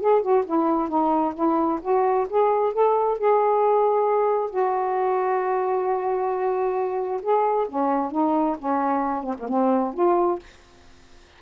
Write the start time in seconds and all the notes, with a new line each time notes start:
0.00 G#4
0.22 F#4
0.46 E4
0.89 D#4
1.35 E4
1.82 F#4
2.29 G#4
2.73 A4
3.18 G#4
4.50 F#4
7.22 G#4
7.69 C#4
8.12 D#4
8.59 C#4
9.23 C4
9.39 A#3
9.49 C4
9.94 F4